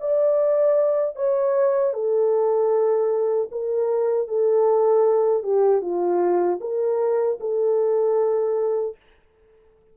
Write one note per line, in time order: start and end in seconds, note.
0.00 1.16 D5
1.16 1.94 C#5
1.94 3.50 A4
3.52 4.28 A#4
4.28 5.43 A4
5.43 5.82 G4
5.82 6.60 F4
6.61 7.39 A#4
7.40 8.96 A4